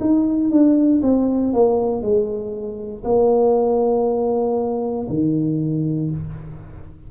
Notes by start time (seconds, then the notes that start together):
0.00 D#4
0.50 D4
1.02 C4
1.53 A#3
2.02 G#3
3.04 A#3
5.08 D#3